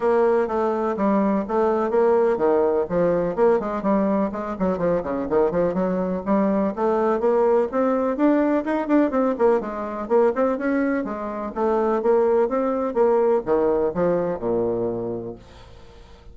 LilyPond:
\new Staff \with { instrumentName = "bassoon" } { \time 4/4 \tempo 4 = 125 ais4 a4 g4 a4 | ais4 dis4 f4 ais8 gis8 | g4 gis8 fis8 f8 cis8 dis8 f8 | fis4 g4 a4 ais4 |
c'4 d'4 dis'8 d'8 c'8 ais8 | gis4 ais8 c'8 cis'4 gis4 | a4 ais4 c'4 ais4 | dis4 f4 ais,2 | }